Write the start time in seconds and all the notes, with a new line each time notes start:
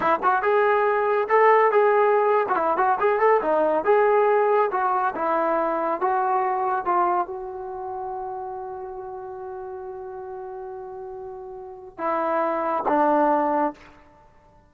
0.00 E4
0.22 F#4
0.42 G#4
1.29 A4
1.71 G#4
2.49 F#4
2.55 E4
2.77 F#4
2.99 G#4
3.19 A4
3.42 D#4
3.84 G#4
4.71 F#4
5.15 E4
6.00 F#4
6.85 F4
7.27 F#4
11.98 E4
12.88 D4